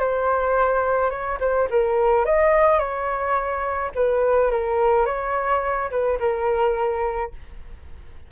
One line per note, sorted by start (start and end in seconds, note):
0.00 1.11 C5
1.11 1.39 C#5
1.41 1.69 C5
1.71 2.26 A#4
2.26 2.80 D#5
2.80 3.92 C#5
3.95 4.51 B4
4.51 5.06 A#4
5.06 5.91 C#5
5.91 6.19 B4
6.20 7.32 A#4